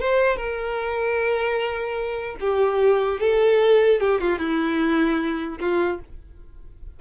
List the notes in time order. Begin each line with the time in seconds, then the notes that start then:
0.00 C5
0.36 A#4
2.40 G4
3.20 A4
4.00 G4
4.20 F4
4.38 E4
5.60 F4